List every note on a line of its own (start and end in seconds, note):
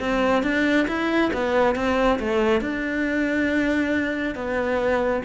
0.00 0.43 C4
0.43 0.87 D4
0.88 1.31 E4
1.34 1.75 B3
1.75 2.19 C4
2.19 2.61 A3
2.61 4.35 D4
4.35 5.22 B3